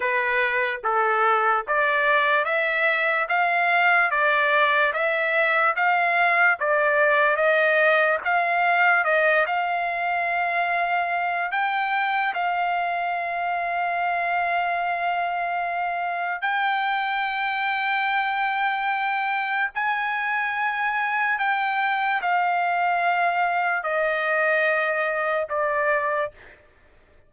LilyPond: \new Staff \with { instrumentName = "trumpet" } { \time 4/4 \tempo 4 = 73 b'4 a'4 d''4 e''4 | f''4 d''4 e''4 f''4 | d''4 dis''4 f''4 dis''8 f''8~ | f''2 g''4 f''4~ |
f''1 | g''1 | gis''2 g''4 f''4~ | f''4 dis''2 d''4 | }